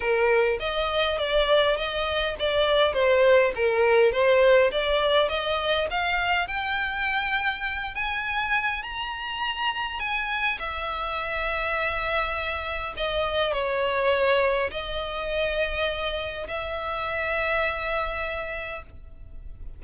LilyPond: \new Staff \with { instrumentName = "violin" } { \time 4/4 \tempo 4 = 102 ais'4 dis''4 d''4 dis''4 | d''4 c''4 ais'4 c''4 | d''4 dis''4 f''4 g''4~ | g''4. gis''4. ais''4~ |
ais''4 gis''4 e''2~ | e''2 dis''4 cis''4~ | cis''4 dis''2. | e''1 | }